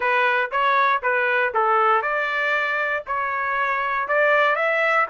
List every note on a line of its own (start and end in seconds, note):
0.00 0.50 B4
0.51 1.01 C#5
1.02 1.53 B4
1.54 2.02 A4
2.02 3.03 D5
3.06 4.08 C#5
4.08 4.55 D5
4.55 5.06 E5